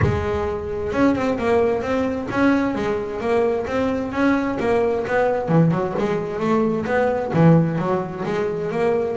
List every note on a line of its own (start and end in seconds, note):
0.01 0.92 G#3
0.92 1.15 C#4
1.15 1.38 C4
1.38 1.82 A#3
1.82 2.28 C4
2.30 2.74 C#4
2.74 3.20 G#3
3.20 3.66 A#3
3.66 4.12 C4
4.12 4.58 C#4
4.59 5.05 A#3
5.07 5.48 B3
5.48 5.71 E3
5.71 5.94 F#3
5.98 6.39 G#3
6.39 6.85 A3
6.86 7.32 B3
7.33 7.78 E3
7.78 8.24 F#3
8.25 8.71 G#3
8.71 9.16 A#3